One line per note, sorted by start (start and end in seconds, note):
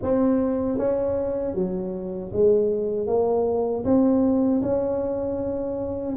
0.02 0.78 C4
0.78 1.54 C#4
1.54 2.31 F#3
2.32 3.07 G#3
3.07 3.84 A#3
3.84 4.61 C4
4.62 6.15 C#4